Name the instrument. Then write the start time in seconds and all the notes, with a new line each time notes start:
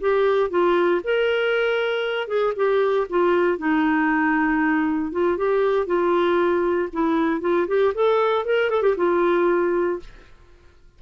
clarinet
0.00 G4
0.50 F4
1.04 A#4
2.27 G#4
2.55 G4
3.09 F4
3.58 D#4
5.12 F4
5.37 G4
5.86 F4
6.93 E4
7.41 F4
7.67 G4
7.94 A4
8.45 A#4
8.69 A4
8.82 G4
8.97 F4